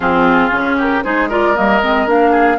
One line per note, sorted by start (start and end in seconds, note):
0.00 0.49 F3
0.00 0.50 C4
0.00 0.76 F4
0.00 0.77 G#4
0.50 1.03 C#3
0.50 1.02 C#4
0.77 1.03 G4
0.77 1.03 A#4
1.03 1.57 G#3
1.03 1.29 D#4
1.03 1.29 G#4
1.03 1.29 C5
1.29 1.55 F4
1.29 2.31 A#4
1.29 1.56 D5
1.55 1.81 G3
1.55 1.80 A#3
1.55 2.08 D#5
1.81 2.06 G#3
1.81 2.06 C4
2.06 2.58 A#3
2.06 2.58 D4
2.06 2.59 F5
2.31 2.56 G#4